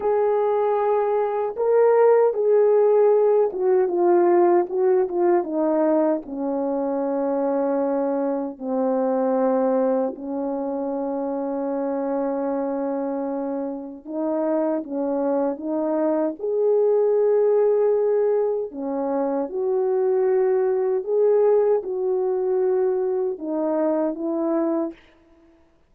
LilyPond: \new Staff \with { instrumentName = "horn" } { \time 4/4 \tempo 4 = 77 gis'2 ais'4 gis'4~ | gis'8 fis'8 f'4 fis'8 f'8 dis'4 | cis'2. c'4~ | c'4 cis'2.~ |
cis'2 dis'4 cis'4 | dis'4 gis'2. | cis'4 fis'2 gis'4 | fis'2 dis'4 e'4 | }